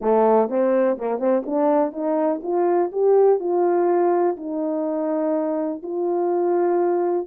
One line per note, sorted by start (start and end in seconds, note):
0.01 0.49 A3
0.49 0.97 C4
0.98 1.18 A#3
1.18 1.43 C4
1.46 1.92 D4
1.92 2.40 D#4
2.42 2.91 F4
2.92 3.39 G4
3.39 4.36 F4
4.36 5.82 D#4
5.82 7.27 F4